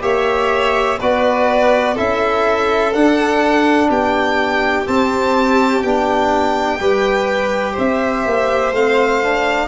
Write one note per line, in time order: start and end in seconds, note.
0.00 0.98 A#3
0.00 0.97 G4
0.00 0.99 C#5
0.00 0.99 E5
0.99 1.98 B3
0.99 1.96 F#4
0.99 1.94 B4
0.99 1.97 D5
1.94 2.94 C#4
1.94 2.93 E4
1.94 3.87 A4
1.94 2.93 E5
2.93 3.89 D4
2.93 4.85 D4
2.93 3.89 F#5
3.89 4.86 B3
3.89 6.79 G4
3.89 4.87 G5
4.85 5.82 C4
4.85 5.83 C4
4.85 5.82 A5
5.82 6.79 B3
5.82 6.79 D4
5.82 7.76 G5
6.79 7.76 G3
6.79 8.74 G4
6.79 7.72 B4
7.72 8.26 C4
7.72 9.66 C5
7.78 8.74 E5
8.26 8.72 A#3
8.72 9.68 A3
8.72 9.22 C4
8.72 9.68 F5
9.22 9.68 D4